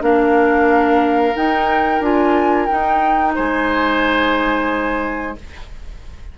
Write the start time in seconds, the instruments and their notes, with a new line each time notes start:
0.00 bassoon A#3, clarinet D4, oboe A#4, flute F5
1.35 clarinet D#4, bassoon D#4, flute G5
2.00 bassoon D4, clarinet F4, flute G#5
2.66 clarinet D#4, bassoon D#4, flute G5
3.35 bassoon G#3, oboe C5, flute G#5